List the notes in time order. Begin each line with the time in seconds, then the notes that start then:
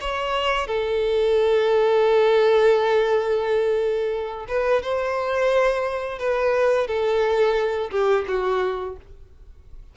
0.00 C#5
0.67 A4
4.48 B4
4.82 C5
6.18 B4
6.87 A4
7.91 G4
8.27 F#4